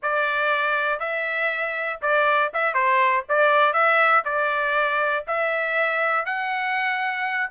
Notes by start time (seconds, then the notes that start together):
0.02 D5
0.99 E5
2.01 D5
2.53 E5
2.74 C5
3.29 D5
3.73 E5
4.25 D5
5.27 E5
6.25 F#5